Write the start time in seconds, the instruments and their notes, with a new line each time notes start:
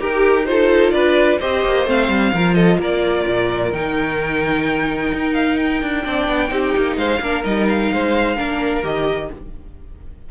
0.00 cello D#4, violin G4 A#4, viola G4
0.46 viola F4, violin A4 C5
0.91 cello D4, violin B4 D5
1.39 cello C4, viola G4, violin C5 D#5
1.64 cello A#3
1.86 cello A3, viola C4, violin F5
2.08 cello G3
2.33 cello F3, viola F4, violin A#4
2.54 violin A4 D#5
2.78 cello A#3, violin A#4 D5
3.27 cello A#2
3.72 cello D#3, viola D#4, violin G5
5.13 cello D#4
5.34 violin F5
5.57 violin G5
5.82 cello D4
6.04 cello C4, viola D4, violin D5
6.28 cello B3
6.49 cello C4, viola D#4, violin G4
6.77 cello A#3
6.96 cello G#3, violin C5 F5
7.20 cello A#3, viola D4, violin A#4
7.44 cello G3, viola D#4, violin D#5
7.69 violin F5
7.92 cello G#3, violin C5
8.36 cello A#3, viola D4, violin A#4
8.83 cello D#3, viola G4, violin D#5